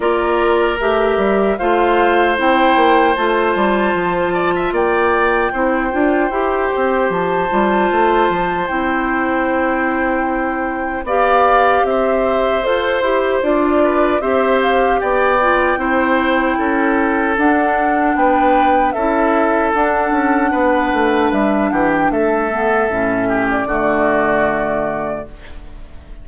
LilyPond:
<<
  \new Staff \with { instrumentName = "flute" } { \time 4/4 \tempo 4 = 76 d''4 e''4 f''4 g''4 | a''2 g''2~ | g''4 a''2 g''4~ | g''2 f''4 e''4 |
c''4 d''4 e''8 f''8 g''4~ | g''2 fis''4 g''4 | e''4 fis''2 e''8 fis''16 g''16 | e''4.~ e''16 d''2~ d''16 | }
  \new Staff \with { instrumentName = "oboe" } { \time 4/4 ais'2 c''2~ | c''4. d''16 e''16 d''4 c''4~ | c''1~ | c''2 d''4 c''4~ |
c''4. b'8 c''4 d''4 | c''4 a'2 b'4 | a'2 b'4. g'8 | a'4. g'8 fis'2 | }
  \new Staff \with { instrumentName = "clarinet" } { \time 4/4 f'4 g'4 f'4 e'4 | f'2. e'8 f'8 | g'4. f'4. e'4~ | e'2 g'2 |
a'8 g'8 f'4 g'4. f'8 | e'2 d'2 | e'4 d'2.~ | d'8 b8 cis'4 a2 | }
  \new Staff \with { instrumentName = "bassoon" } { \time 4/4 ais4 a8 g8 a4 c'8 ais8 | a8 g8 f4 ais4 c'8 d'8 | e'8 c'8 f8 g8 a8 f8 c'4~ | c'2 b4 c'4 |
f'8 e'8 d'4 c'4 b4 | c'4 cis'4 d'4 b4 | cis'4 d'8 cis'8 b8 a8 g8 e8 | a4 a,4 d2 | }
>>